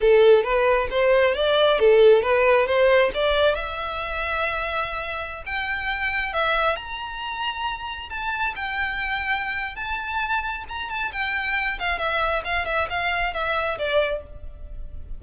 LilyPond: \new Staff \with { instrumentName = "violin" } { \time 4/4 \tempo 4 = 135 a'4 b'4 c''4 d''4 | a'4 b'4 c''4 d''4 | e''1~ | e''16 g''2 e''4 ais''8.~ |
ais''2~ ais''16 a''4 g''8.~ | g''2 a''2 | ais''8 a''8 g''4. f''8 e''4 | f''8 e''8 f''4 e''4 d''4 | }